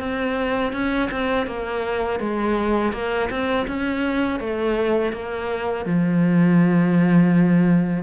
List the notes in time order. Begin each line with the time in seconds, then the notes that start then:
0.00 C4
0.73 C#4
1.11 C4
1.47 A#3
2.20 G#3
2.93 A#3
3.31 C4
3.68 C#4
4.40 A3
5.13 A#3
5.86 F3